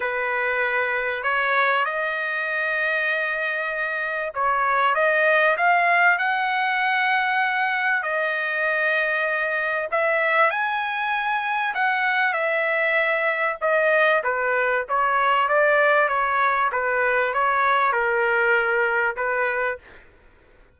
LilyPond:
\new Staff \with { instrumentName = "trumpet" } { \time 4/4 \tempo 4 = 97 b'2 cis''4 dis''4~ | dis''2. cis''4 | dis''4 f''4 fis''2~ | fis''4 dis''2. |
e''4 gis''2 fis''4 | e''2 dis''4 b'4 | cis''4 d''4 cis''4 b'4 | cis''4 ais'2 b'4 | }